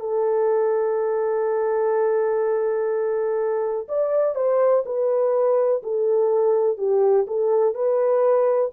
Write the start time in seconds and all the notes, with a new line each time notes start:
0.00 A4
3.88 D5
4.35 C5
4.86 B4
5.83 A4
6.78 G4
7.27 A4
7.74 B4